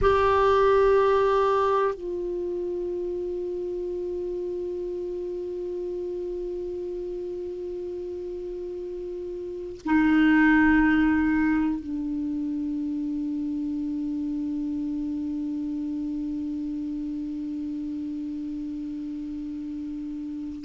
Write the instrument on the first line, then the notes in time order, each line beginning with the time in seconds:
clarinet
0.01 G4
1.94 F4
9.85 D#4
11.80 D4